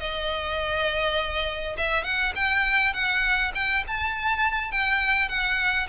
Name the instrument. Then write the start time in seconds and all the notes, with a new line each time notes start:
violin
0.00 D#5
1.78 E5
2.04 F#5
2.36 G5
2.94 F#5
3.55 G5
3.87 A5
4.72 G5
5.29 F#5